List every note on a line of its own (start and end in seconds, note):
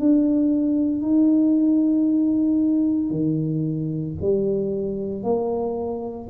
0.00 1.02 D4
1.02 3.11 D#4
3.11 4.16 D#3
4.22 5.23 G3
5.23 6.29 A#3